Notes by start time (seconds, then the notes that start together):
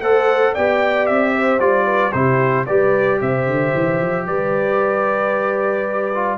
0.00 A3 A4 C5 F#5
0.54 B3 G4 D5 G5
1.06 C4 E5
1.35 C5
1.59 G3 F4 D5
1.85 B4
2.12 C3 E4 G4 C5
2.66 G3 G4 B4 D5
3.20 C3 C5 E5
3.46 D3
3.74 E3
4.00 F3
4.26 G3 B4 D5
6.15 F4